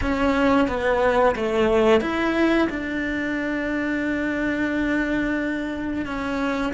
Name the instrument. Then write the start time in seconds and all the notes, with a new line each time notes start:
cello
0.01 C#4
0.67 B3
1.35 A3
2.00 E4
2.69 D4
6.05 C#4